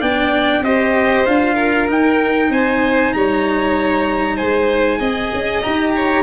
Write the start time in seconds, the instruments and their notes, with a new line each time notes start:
0.00 tuba B3, cello D4, violin D5, trumpet G5
0.61 tuba C4, cello G4, violin C5, trumpet D#5
1.26 tuba D4, cello F4, trumpet F5
1.54 violin A#4
1.88 cello D#4, tuba D#4, trumpet G5
2.49 tuba C4, violin C5, trumpet G#5
3.13 tuba G3, violin C#5, trumpet A#5
4.36 tuba G#3, violin C5, trumpet G#5
4.99 tuba C4, cello G#4, violin D#5
5.33 tuba C#4
5.62 tuba D#4, cello G4, trumpet A#5
5.96 violin C#5